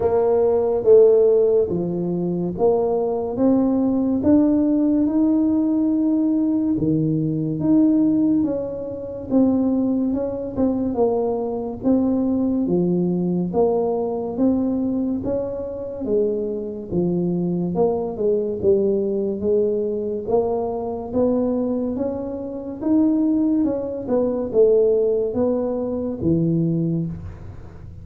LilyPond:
\new Staff \with { instrumentName = "tuba" } { \time 4/4 \tempo 4 = 71 ais4 a4 f4 ais4 | c'4 d'4 dis'2 | dis4 dis'4 cis'4 c'4 | cis'8 c'8 ais4 c'4 f4 |
ais4 c'4 cis'4 gis4 | f4 ais8 gis8 g4 gis4 | ais4 b4 cis'4 dis'4 | cis'8 b8 a4 b4 e4 | }